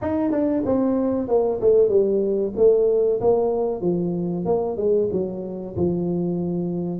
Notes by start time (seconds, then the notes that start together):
0.01 D#4
0.31 D4
0.65 C4
1.28 A#3
1.60 A3
1.89 G3
2.56 A3
3.20 A#3
3.81 F3
4.45 A#3
4.77 G#3
5.12 F#3
5.76 F3